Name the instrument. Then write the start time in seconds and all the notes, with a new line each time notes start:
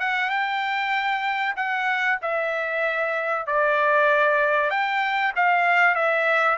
trumpet
0.00 F#5
0.30 G5
1.57 F#5
2.22 E5
3.47 D5
4.70 G5
5.36 F5
5.95 E5